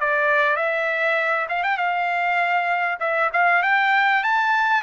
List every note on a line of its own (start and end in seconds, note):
0.00 0.56 D5
0.56 1.47 E5
1.49 1.63 F5
1.63 1.77 G5
1.77 2.99 F5
3.00 3.30 E5
3.33 3.63 F5
3.63 4.23 G5
4.23 4.82 A5